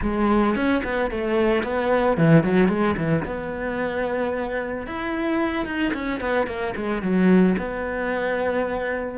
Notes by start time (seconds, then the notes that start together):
0.01 G#3
0.55 C#4
0.84 B3
1.11 A3
1.63 B3
2.17 E3
2.43 F#3
2.68 G#3
2.97 E3
3.25 B3
4.86 E4
5.65 D#4
5.93 C#4
6.20 B3
6.46 A#3
6.76 G#3
7.02 F#3
7.57 B3